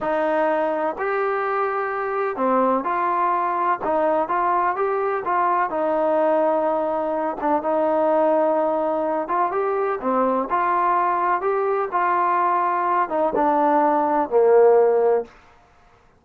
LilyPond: \new Staff \with { instrumentName = "trombone" } { \time 4/4 \tempo 4 = 126 dis'2 g'2~ | g'4 c'4 f'2 | dis'4 f'4 g'4 f'4 | dis'2.~ dis'8 d'8 |
dis'2.~ dis'8 f'8 | g'4 c'4 f'2 | g'4 f'2~ f'8 dis'8 | d'2 ais2 | }